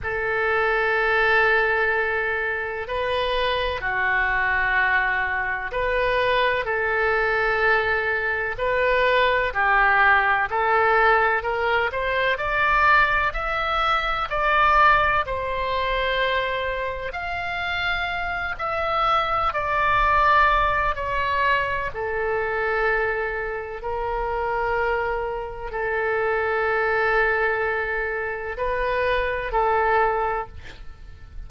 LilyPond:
\new Staff \with { instrumentName = "oboe" } { \time 4/4 \tempo 4 = 63 a'2. b'4 | fis'2 b'4 a'4~ | a'4 b'4 g'4 a'4 | ais'8 c''8 d''4 e''4 d''4 |
c''2 f''4. e''8~ | e''8 d''4. cis''4 a'4~ | a'4 ais'2 a'4~ | a'2 b'4 a'4 | }